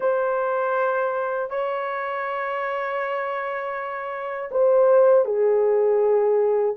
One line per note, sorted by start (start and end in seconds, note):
0.00 1.50 C5
1.50 4.50 C#5
4.51 5.25 C5
5.25 6.75 G#4